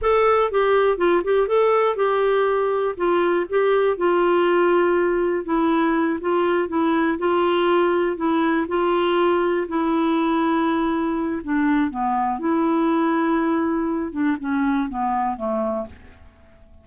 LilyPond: \new Staff \with { instrumentName = "clarinet" } { \time 4/4 \tempo 4 = 121 a'4 g'4 f'8 g'8 a'4 | g'2 f'4 g'4 | f'2. e'4~ | e'8 f'4 e'4 f'4.~ |
f'8 e'4 f'2 e'8~ | e'2. d'4 | b4 e'2.~ | e'8 d'8 cis'4 b4 a4 | }